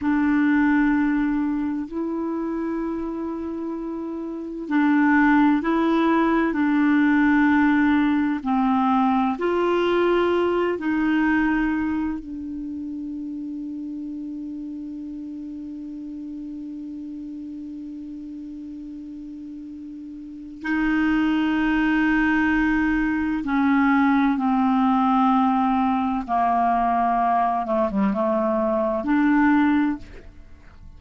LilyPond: \new Staff \with { instrumentName = "clarinet" } { \time 4/4 \tempo 4 = 64 d'2 e'2~ | e'4 d'4 e'4 d'4~ | d'4 c'4 f'4. dis'8~ | dis'4 d'2.~ |
d'1~ | d'2 dis'2~ | dis'4 cis'4 c'2 | ais4. a16 g16 a4 d'4 | }